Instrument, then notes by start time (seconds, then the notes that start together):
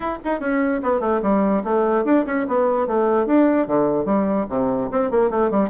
bassoon
0.00 E4
0.24 D#4
0.40 C#4
0.82 B3
1.00 A3
1.22 G3
1.64 A3
2.04 D4
2.26 C#4
2.47 B3
2.87 A3
3.26 D4
3.67 D3
4.05 G3
4.49 C3
4.91 C4
5.10 A#3
5.30 A3
5.50 G3